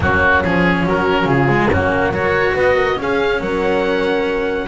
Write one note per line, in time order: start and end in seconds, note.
0.00 0.43 F#3
0.00 0.43 A#3
0.00 0.83 C#4
0.00 0.43 F#4
0.43 0.86 F3
0.43 1.48 C#4
0.43 0.86 G#4
0.83 1.25 F#3
0.83 1.26 F#4
0.83 1.28 A#4
1.25 1.67 C#3
1.25 1.69 F4
1.25 1.71 G#4
1.48 1.69 G#3
1.69 2.10 F#2
1.69 2.13 A#3
1.69 2.12 C#4
1.69 2.13 F#4
2.10 2.53 F#3
2.10 2.95 F#4
2.10 2.54 A#4
2.10 2.56 C#5
2.54 2.97 B3
2.54 2.75 B4
2.54 3.01 D#5
2.75 2.96 A#4
2.95 4.66 C#4
2.95 3.40 G#4
2.95 3.42 F5
3.02 3.40 C#4
3.40 4.68 F#3
3.40 4.68 A#4
3.40 4.68 F#5